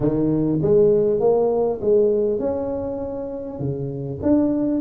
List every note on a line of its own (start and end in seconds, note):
0.00 0.59 D#3
0.62 1.20 G#3
1.20 1.80 A#3
1.81 2.39 G#3
2.39 3.59 C#4
3.59 4.19 C#3
4.22 4.80 D4